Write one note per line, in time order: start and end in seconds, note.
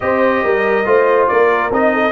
0.00 0.43 C4
0.00 0.85 G4
0.00 0.44 C5
0.00 1.27 D#5
0.43 0.85 G3
0.43 0.86 A#4
0.85 1.28 A3
0.85 1.71 F4
0.85 1.29 C5
1.27 1.70 A#3
1.27 1.93 A#4
1.27 1.70 D5
1.70 2.11 C4
1.70 2.11 D#4
1.70 2.11 D#5
1.93 2.11 A4